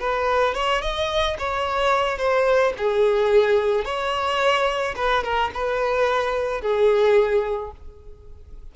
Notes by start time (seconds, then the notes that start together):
0.00 B4
0.54 C#5
0.82 D#5
1.39 C#5
2.18 C5
2.77 G#4
3.85 C#5
4.96 B4
5.23 A#4
5.54 B4
6.61 G#4